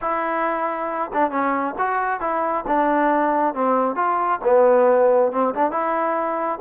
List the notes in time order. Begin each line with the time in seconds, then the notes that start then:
0.01 E4
1.13 D4
1.30 C#4
1.78 F#4
2.20 E4
2.67 D4
3.54 C4
3.95 F4
4.43 B3
5.32 C4
5.54 D4
5.71 E4